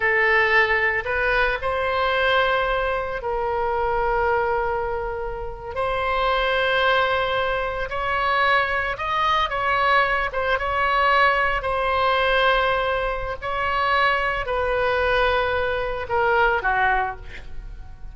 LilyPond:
\new Staff \with { instrumentName = "oboe" } { \time 4/4 \tempo 4 = 112 a'2 b'4 c''4~ | c''2 ais'2~ | ais'2~ ais'8. c''4~ c''16~ | c''2~ c''8. cis''4~ cis''16~ |
cis''8. dis''4 cis''4. c''8 cis''16~ | cis''4.~ cis''16 c''2~ c''16~ | c''4 cis''2 b'4~ | b'2 ais'4 fis'4 | }